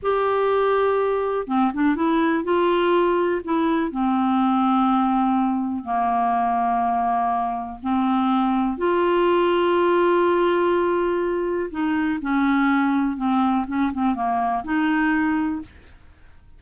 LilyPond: \new Staff \with { instrumentName = "clarinet" } { \time 4/4 \tempo 4 = 123 g'2. c'8 d'8 | e'4 f'2 e'4 | c'1 | ais1 |
c'2 f'2~ | f'1 | dis'4 cis'2 c'4 | cis'8 c'8 ais4 dis'2 | }